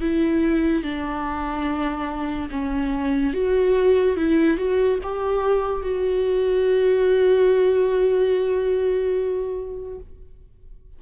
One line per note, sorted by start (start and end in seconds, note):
0.00 0.83 E4
0.83 2.49 D4
2.50 3.33 C#4
3.33 4.16 F#4
4.16 4.57 E4
4.57 4.99 F#4
5.03 5.81 G4
5.81 9.98 F#4